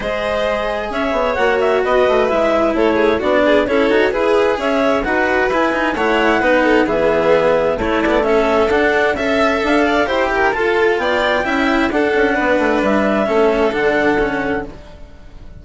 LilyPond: <<
  \new Staff \with { instrumentName = "clarinet" } { \time 4/4 \tempo 4 = 131 dis''2 e''4 fis''8 e''8 | dis''4 e''4 cis''4 d''4 | cis''4 b'4 e''4 fis''4 | gis''4 fis''2 e''4~ |
e''4 cis''8 d''8 e''4 fis''4 | e''4 f''4 g''4 a''4 | g''2 fis''2 | e''2 fis''2 | }
  \new Staff \with { instrumentName = "violin" } { \time 4/4 c''2 cis''2 | b'2 a'8 gis'8 fis'8 gis'8 | a'4 gis'4 cis''4 b'4~ | b'4 cis''4 b'8 a'8 gis'4~ |
gis'4 e'4 a'2 | e''4. d''8 c''8 ais'8 a'4 | d''4 e''4 a'4 b'4~ | b'4 a'2. | }
  \new Staff \with { instrumentName = "cello" } { \time 4/4 gis'2. fis'4~ | fis'4 e'2 d'4 | e'8 fis'8 gis'2 fis'4 | e'8 dis'8 e'4 dis'4 b4~ |
b4 a8 b8 cis'4 d'4 | a'2 g'4 f'4~ | f'4 e'4 d'2~ | d'4 cis'4 d'4 cis'4 | }
  \new Staff \with { instrumentName = "bassoon" } { \time 4/4 gis2 cis'8 b8 ais4 | b8 a8 gis4 a4 b4 | cis'8 dis'8 e'4 cis'4 dis'4 | e'4 a4 b4 e4~ |
e4 a2 d'4 | cis'4 d'4 e'4 f'4 | b4 cis'4 d'8 cis'8 b8 a8 | g4 a4 d2 | }
>>